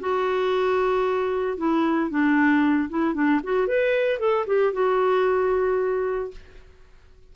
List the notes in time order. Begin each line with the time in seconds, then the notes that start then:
0.00 F#4
1.58 E4
2.10 D4
2.89 E4
3.14 D4
3.44 F#4
3.67 B4
4.19 A4
4.47 G4
4.73 F#4